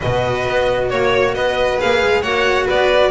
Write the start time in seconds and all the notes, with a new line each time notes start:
0.00 B2 F#4 B4 D#5
0.46 B3
0.89 A#3 C#5
1.34 B3 B4 D#5
1.79 A#3 G#4 F5
2.02 G#3
2.21 A#3 F#4 C#5 F#5
2.65 B3 B4 D5